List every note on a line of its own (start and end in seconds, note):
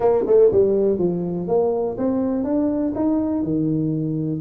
0.00 0.25 A#3
0.26 0.51 A3
0.52 0.98 G3
0.98 1.47 F3
1.47 1.96 A#3
1.97 2.44 C4
2.44 2.93 D4
2.95 3.42 D#4
3.42 4.41 D#3